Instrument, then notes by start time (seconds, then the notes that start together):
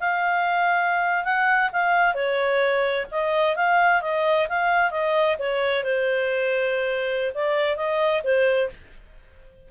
clarinet
0.00 F5
1.25 F#5
1.73 F5
2.15 C#5
3.11 D#5
3.56 F5
4.02 D#5
4.49 F5
4.91 D#5
5.39 C#5
5.84 C5
7.35 D5
7.77 D#5
8.24 C5